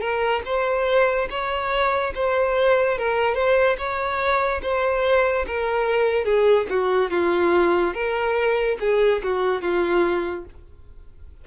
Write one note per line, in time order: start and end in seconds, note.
0.00 0.42 A#4
0.45 1.28 C5
1.30 2.13 C#5
2.14 2.98 C5
2.98 3.34 A#4
3.34 3.76 C5
3.78 4.61 C#5
4.62 5.45 C5
5.47 6.24 A#4
6.24 6.66 G#4
6.69 7.10 F#4
7.10 7.94 F4
7.94 8.77 A#4
8.80 9.22 G#4
9.23 9.61 F#4
9.61 10.45 F4